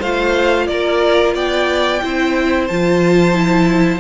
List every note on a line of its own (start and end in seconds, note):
0.00 0.68 A3
0.00 2.03 F4
0.00 0.67 C5
0.00 0.67 F5
0.67 1.34 A#3
0.67 1.35 A#4
0.67 1.34 D5
1.34 2.01 B3
1.34 2.02 D5
1.34 2.67 G5
2.03 2.70 C4
2.03 2.69 E4
2.03 4.00 C5
2.67 4.00 F3
2.67 3.35 F4
2.67 4.00 A5
3.35 4.00 E4